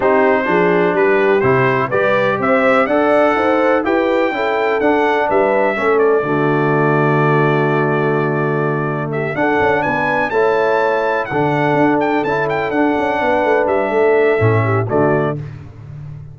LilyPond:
<<
  \new Staff \with { instrumentName = "trumpet" } { \time 4/4 \tempo 4 = 125 c''2 b'4 c''4 | d''4 e''4 fis''2 | g''2 fis''4 e''4~ | e''8 d''2.~ d''8~ |
d''2. e''8 fis''8~ | fis''8 gis''4 a''2 fis''8~ | fis''4 g''8 a''8 g''8 fis''4.~ | fis''8 e''2~ e''8 d''4 | }
  \new Staff \with { instrumentName = "horn" } { \time 4/4 g'4 gis'4 g'2 | b'4 c''4 d''4 c''4 | b'4 a'2 b'4 | a'4 fis'2.~ |
fis'2. g'8 a'8~ | a'8 b'4 cis''2 a'8~ | a'2.~ a'8 b'8~ | b'4 a'4. g'8 fis'4 | }
  \new Staff \with { instrumentName = "trombone" } { \time 4/4 dis'4 d'2 e'4 | g'2 a'2 | g'4 e'4 d'2 | cis'4 a2.~ |
a2.~ a8 d'8~ | d'4. e'2 d'8~ | d'4. e'4 d'4.~ | d'2 cis'4 a4 | }
  \new Staff \with { instrumentName = "tuba" } { \time 4/4 c'4 f4 g4 c4 | g4 c'4 d'4 dis'4 | e'4 cis'4 d'4 g4 | a4 d2.~ |
d2.~ d8 d'8 | cis'8 b4 a2 d8~ | d8 d'4 cis'4 d'8 cis'8 b8 | a8 g8 a4 a,4 d4 | }
>>